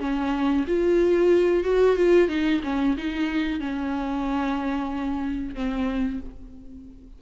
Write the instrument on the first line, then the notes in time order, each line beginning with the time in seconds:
viola
0.00 C#4
0.67 F4
1.64 F#4
1.96 F4
2.29 D#4
2.64 C#4
2.97 D#4
3.60 C#4
5.55 C4